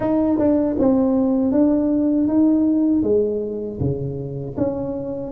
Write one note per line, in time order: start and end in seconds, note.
0.00 0.38 D#4
0.38 0.76 D4
0.78 1.51 C4
1.51 2.27 D4
2.27 3.02 D#4
3.02 3.78 G#3
3.80 4.56 C#3
4.57 5.31 C#4